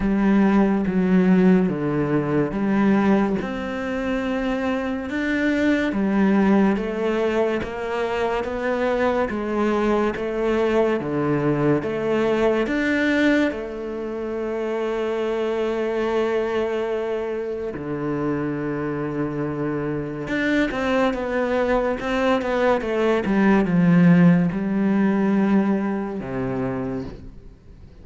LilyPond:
\new Staff \with { instrumentName = "cello" } { \time 4/4 \tempo 4 = 71 g4 fis4 d4 g4 | c'2 d'4 g4 | a4 ais4 b4 gis4 | a4 d4 a4 d'4 |
a1~ | a4 d2. | d'8 c'8 b4 c'8 b8 a8 g8 | f4 g2 c4 | }